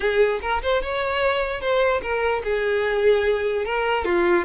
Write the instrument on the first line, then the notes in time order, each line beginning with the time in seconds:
violin
0.00 G#4
0.41 A#4
0.62 C5
0.82 C#5
1.60 C5
2.02 A#4
2.43 G#4
3.65 A#4
4.04 F4